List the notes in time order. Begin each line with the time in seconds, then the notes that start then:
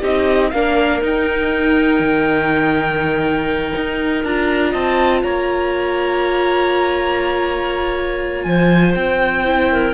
0.00 C4 D#4 G4 D#5
0.51 A#3 D4 A#4 F5
1.02 D#4 G5
1.99 D#3
3.76 D#4
4.24 D4 F4 A#5
4.71 C4 D#5 A5
5.23 A#3 C#5 A#5
8.43 F3 C5 G#5
8.95 C4 G5
9.45 E4
9.72 A#4